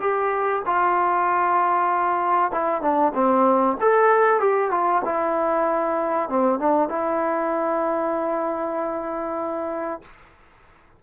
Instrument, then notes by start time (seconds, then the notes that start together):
trombone
0.00 G4
0.66 F4
2.52 E4
2.82 D4
3.15 C4
3.81 A4
4.40 G4
4.71 F4
5.05 E4
6.29 C4
6.59 D4
6.89 E4